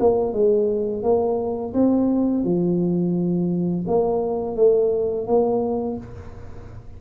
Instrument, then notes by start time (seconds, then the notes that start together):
tuba
0.00 A#3
0.33 G#3
1.03 A#3
1.74 C4
2.44 F3
3.88 A#3
4.57 A3
5.27 A#3